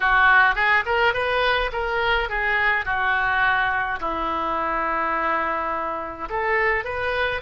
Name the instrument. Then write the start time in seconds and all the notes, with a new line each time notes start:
oboe
0.00 F#4
0.55 G#4
0.85 A#4
1.13 B4
1.72 A#4
2.29 G#4
2.85 F#4
4.00 E4
6.29 A4
6.84 B4